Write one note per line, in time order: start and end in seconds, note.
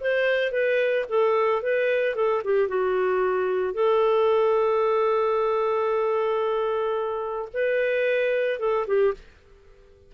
0.00 0.51 C5
0.51 1.05 B4
1.09 1.62 A4
1.62 2.15 B4
2.15 2.42 A4
2.44 2.68 G4
2.68 3.74 F#4
3.74 7.49 A4
7.53 8.59 B4
8.59 8.86 A4
8.87 9.14 G4